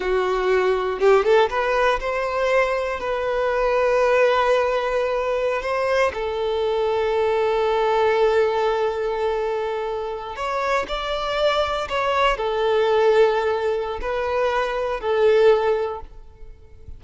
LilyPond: \new Staff \with { instrumentName = "violin" } { \time 4/4 \tempo 4 = 120 fis'2 g'8 a'8 b'4 | c''2 b'2~ | b'2.~ b'16 c''8.~ | c''16 a'2.~ a'8.~ |
a'1~ | a'8. cis''4 d''2 cis''16~ | cis''8. a'2.~ a'16 | b'2 a'2 | }